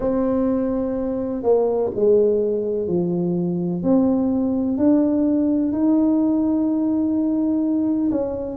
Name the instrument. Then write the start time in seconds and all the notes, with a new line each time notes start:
tuba
0.00 C4
1.42 A#3
1.95 G#3
2.87 F3
3.83 C4
4.77 D4
5.72 D#4
8.11 C#4